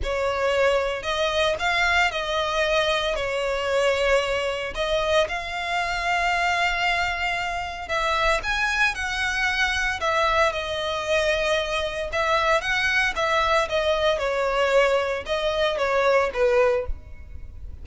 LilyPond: \new Staff \with { instrumentName = "violin" } { \time 4/4 \tempo 4 = 114 cis''2 dis''4 f''4 | dis''2 cis''2~ | cis''4 dis''4 f''2~ | f''2. e''4 |
gis''4 fis''2 e''4 | dis''2. e''4 | fis''4 e''4 dis''4 cis''4~ | cis''4 dis''4 cis''4 b'4 | }